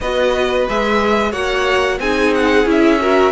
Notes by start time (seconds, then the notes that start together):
0.00 B3 F#4 B4 D#5
0.69 G#3 G#4 E5
1.31 A#3 F#4 C#5 F#5
1.99 C4 D#4 G#4 G#5
2.34 F#5
2.65 C#4 E4 E5
3.00 F#4 A#4